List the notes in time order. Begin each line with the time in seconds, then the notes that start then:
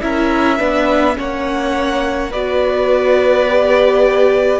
0.00 C#4 E4 A#4 E5
0.58 B3 D4 B4
1.15 A#3 C#4 C#5 F#5
2.30 B3 F#4 B4 D5
3.49 G4